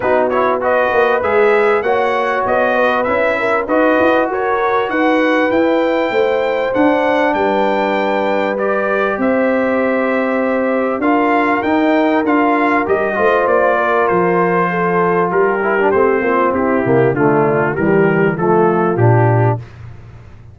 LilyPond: <<
  \new Staff \with { instrumentName = "trumpet" } { \time 4/4 \tempo 4 = 98 b'8 cis''8 dis''4 e''4 fis''4 | dis''4 e''4 dis''4 cis''4 | fis''4 g''2 fis''4 | g''2 d''4 e''4~ |
e''2 f''4 g''4 | f''4 dis''4 d''4 c''4~ | c''4 ais'4 c''4 g'4 | f'4 ais'4 a'4 g'4 | }
  \new Staff \with { instrumentName = "horn" } { \time 4/4 fis'4 b'2 cis''4~ | cis''8 b'4 ais'8 b'4 ais'4 | b'2 c''2 | b'2. c''4~ |
c''2 ais'2~ | ais'4. c''4 ais'4. | a'4 g'4. f'8 e'4 | d'4 g'4 f'2 | }
  \new Staff \with { instrumentName = "trombone" } { \time 4/4 dis'8 e'8 fis'4 gis'4 fis'4~ | fis'4 e'4 fis'2~ | fis'4 e'2 d'4~ | d'2 g'2~ |
g'2 f'4 dis'4 | f'4 g'8 f'2~ f'8~ | f'4. e'16 d'16 c'4. ais8 | a4 g4 a4 d'4 | }
  \new Staff \with { instrumentName = "tuba" } { \time 4/4 b4. ais8 gis4 ais4 | b4 cis'4 dis'8 e'8 fis'4 | dis'4 e'4 a4 d'4 | g2. c'4~ |
c'2 d'4 dis'4 | d'4 g8 a8 ais4 f4~ | f4 g4 a8 ais8 c'8 c8 | d4 e4 f4 ais,4 | }
>>